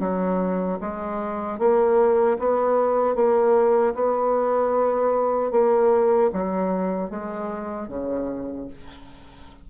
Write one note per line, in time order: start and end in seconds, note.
0.00 0.79 F#3
0.80 1.59 G#3
1.59 2.38 A#3
2.39 3.15 B3
3.15 3.94 A#3
3.95 5.51 B3
5.51 6.30 A#3
6.33 7.10 F#3
7.10 7.88 G#3
7.88 8.67 C#3